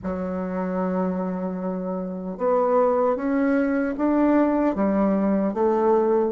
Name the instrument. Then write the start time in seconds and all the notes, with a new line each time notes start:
bassoon
0.03 F#3
2.37 B3
3.16 C#4
3.97 D4
4.75 G3
5.53 A3